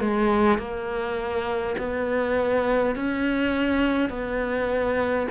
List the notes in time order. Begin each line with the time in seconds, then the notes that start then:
0.00 G#3
0.58 A#3
1.78 B3
2.95 C#4
4.09 B3